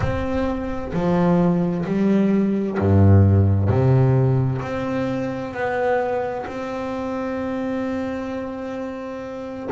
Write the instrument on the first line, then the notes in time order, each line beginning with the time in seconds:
double bass
0.00 C4
0.93 F3
1.85 G3
2.79 G2
3.68 C3
4.61 C4
5.53 B3
6.46 C4